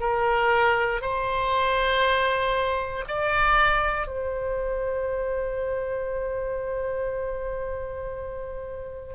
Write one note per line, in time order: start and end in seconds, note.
0.00 1.02 A#4
1.02 3.05 C5
3.08 4.07 D5
4.07 9.15 C5